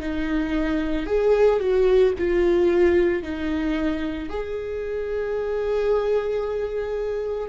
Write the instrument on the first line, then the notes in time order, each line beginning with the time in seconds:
viola
0.00 D#4
1.07 G#4
1.60 F#4
2.19 F4
3.23 D#4
4.30 G#4